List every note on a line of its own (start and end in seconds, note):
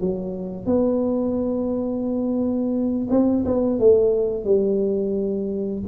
0.00 0.66 F#3
0.66 3.07 B3
3.10 3.44 C4
3.45 3.79 B3
3.79 4.44 A3
4.44 5.82 G3